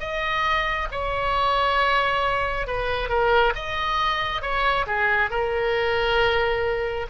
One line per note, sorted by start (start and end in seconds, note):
0.00 0.88 D#5
0.91 2.67 C#5
2.67 3.09 B4
3.09 3.53 A#4
3.55 4.42 D#5
4.42 4.86 C#5
4.87 5.30 G#4
5.30 7.07 A#4